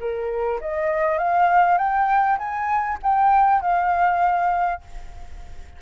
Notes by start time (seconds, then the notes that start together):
0.00 A#4
0.61 D#5
1.19 F5
1.78 G5
2.38 G#5
3.03 G5
3.62 F5